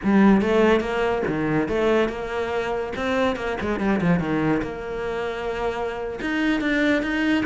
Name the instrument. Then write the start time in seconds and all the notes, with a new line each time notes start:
cello
0.03 G3
0.41 A3
0.80 A#3
1.27 D#3
1.68 A3
2.08 A#3
2.96 C4
3.36 A#3
3.60 G#3
3.79 G3
4.01 F3
4.19 D#3
4.62 A#3
6.21 D#4
6.60 D4
7.02 D#4